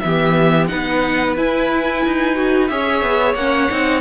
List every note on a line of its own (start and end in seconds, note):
0.00 0.71 E3
0.00 0.69 B3
0.00 0.71 G4
0.00 0.67 E5
0.68 1.38 B3
0.68 1.36 D#4
0.68 2.71 B4
0.68 1.34 F#5
1.37 2.36 E4
1.37 2.04 E4
1.37 2.68 G#5
2.05 2.71 D#4
2.36 2.69 F#4
2.68 3.02 C#4
2.68 3.36 G#4
2.68 4.02 C#5
2.68 3.35 E5
3.02 3.35 B3
3.35 3.68 A#3
3.35 3.69 C#4
3.35 4.02 F#5
3.69 4.02 C4
3.69 4.02 D#4